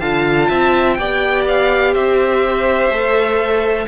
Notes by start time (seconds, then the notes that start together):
0.00 D3 F4 F5 A5
0.49 C4 E5
0.94 B3 G4 G5
1.00 D5
1.48 F5
1.94 C4 C5 E5
2.90 A3 A4